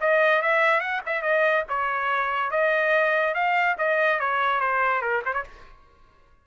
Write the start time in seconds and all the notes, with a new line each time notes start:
0.00 D#5
0.42 E5
0.80 F#5
1.05 E5
1.22 D#5
1.68 C#5
2.50 D#5
3.34 F5
3.78 D#5
4.19 C#5
4.60 C5
5.01 A#4
5.25 C5
5.33 C#5